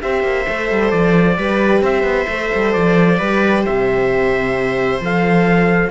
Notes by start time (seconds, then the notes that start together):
0.00 C4 G4 C5 E5
0.23 A#3
0.47 A3 A4
0.71 G3
0.90 F3 D5
1.37 G3 G4 B4
1.81 C4 C5 E5
2.03 B3
2.28 A3 A4
2.54 G3
2.72 F3 D5
3.18 G3 G4 B4
3.63 C3 C5 E5
5.00 F3 A4 F5